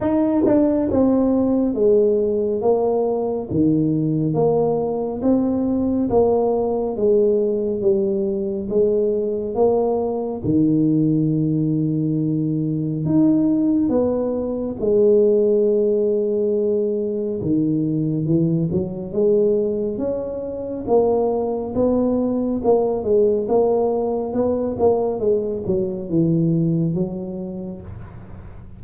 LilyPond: \new Staff \with { instrumentName = "tuba" } { \time 4/4 \tempo 4 = 69 dis'8 d'8 c'4 gis4 ais4 | dis4 ais4 c'4 ais4 | gis4 g4 gis4 ais4 | dis2. dis'4 |
b4 gis2. | dis4 e8 fis8 gis4 cis'4 | ais4 b4 ais8 gis8 ais4 | b8 ais8 gis8 fis8 e4 fis4 | }